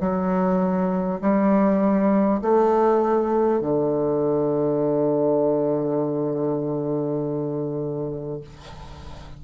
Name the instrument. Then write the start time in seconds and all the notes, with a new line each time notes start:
bassoon
0.00 F#3
1.21 G3
2.41 A3
3.61 D3